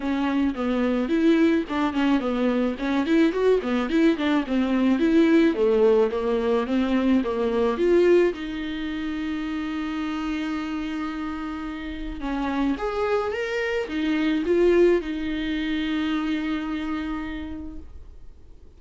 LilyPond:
\new Staff \with { instrumentName = "viola" } { \time 4/4 \tempo 4 = 108 cis'4 b4 e'4 d'8 cis'8 | b4 cis'8 e'8 fis'8 b8 e'8 d'8 | c'4 e'4 a4 ais4 | c'4 ais4 f'4 dis'4~ |
dis'1~ | dis'2 cis'4 gis'4 | ais'4 dis'4 f'4 dis'4~ | dis'1 | }